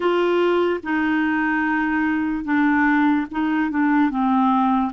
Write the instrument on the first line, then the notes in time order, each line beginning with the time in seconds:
clarinet
0.00 F4
0.83 D#4
2.44 D4
3.31 D#4
3.70 D4
4.09 C4